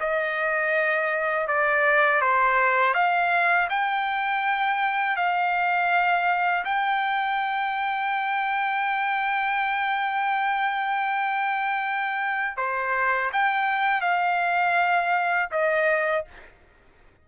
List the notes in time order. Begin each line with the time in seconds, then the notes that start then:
0.00 D#5
1.47 D5
2.21 C5
2.94 F5
3.70 G5
5.16 F5
6.65 G5
12.57 C5
13.33 G5
14.01 F5
15.52 D#5